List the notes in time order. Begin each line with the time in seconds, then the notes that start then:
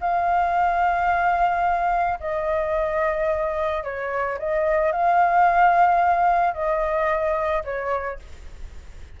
0.00 F5
2.20 D#5
3.83 C#5
4.38 D#5
4.92 F5
6.54 D#5
7.64 C#5